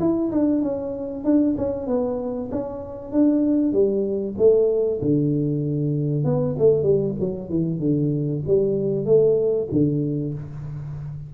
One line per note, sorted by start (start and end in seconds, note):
0.00 0.31 E4
0.32 0.62 D4
0.62 1.24 C#4
1.24 1.55 D4
1.58 1.87 C#4
1.87 2.50 B3
2.52 3.12 C#4
3.12 3.73 D4
3.73 4.35 G3
4.38 5.01 A3
5.02 6.24 D3
6.24 6.56 B3
6.59 6.83 A3
6.83 7.14 G3
7.20 7.50 F#3
7.50 7.80 E3
7.80 8.42 D3
8.47 9.06 G3
9.06 9.68 A3
9.71 10.34 D3